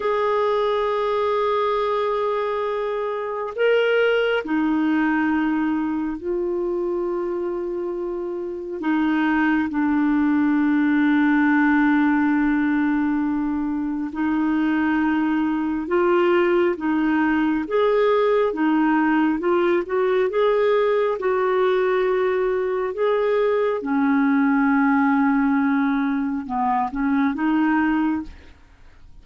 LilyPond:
\new Staff \with { instrumentName = "clarinet" } { \time 4/4 \tempo 4 = 68 gis'1 | ais'4 dis'2 f'4~ | f'2 dis'4 d'4~ | d'1 |
dis'2 f'4 dis'4 | gis'4 dis'4 f'8 fis'8 gis'4 | fis'2 gis'4 cis'4~ | cis'2 b8 cis'8 dis'4 | }